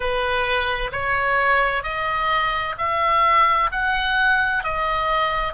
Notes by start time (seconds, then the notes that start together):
0.00 B4
0.91 C#5
1.83 D#5
2.77 E5
3.71 F#5
4.63 D#5